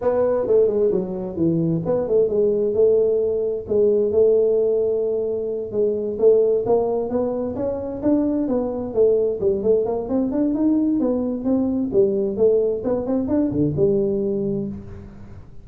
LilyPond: \new Staff \with { instrumentName = "tuba" } { \time 4/4 \tempo 4 = 131 b4 a8 gis8 fis4 e4 | b8 a8 gis4 a2 | gis4 a2.~ | a8 gis4 a4 ais4 b8~ |
b8 cis'4 d'4 b4 a8~ | a8 g8 a8 ais8 c'8 d'8 dis'4 | b4 c'4 g4 a4 | b8 c'8 d'8 d8 g2 | }